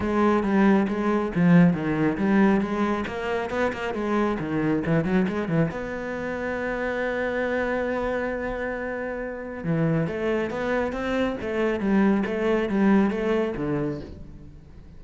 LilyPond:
\new Staff \with { instrumentName = "cello" } { \time 4/4 \tempo 4 = 137 gis4 g4 gis4 f4 | dis4 g4 gis4 ais4 | b8 ais8 gis4 dis4 e8 fis8 | gis8 e8 b2.~ |
b1~ | b2 e4 a4 | b4 c'4 a4 g4 | a4 g4 a4 d4 | }